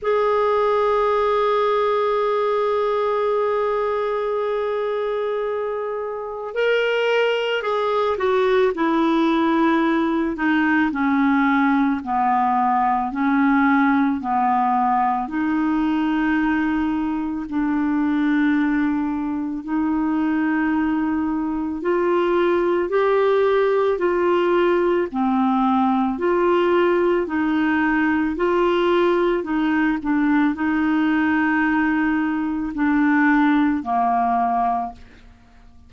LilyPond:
\new Staff \with { instrumentName = "clarinet" } { \time 4/4 \tempo 4 = 55 gis'1~ | gis'2 ais'4 gis'8 fis'8 | e'4. dis'8 cis'4 b4 | cis'4 b4 dis'2 |
d'2 dis'2 | f'4 g'4 f'4 c'4 | f'4 dis'4 f'4 dis'8 d'8 | dis'2 d'4 ais4 | }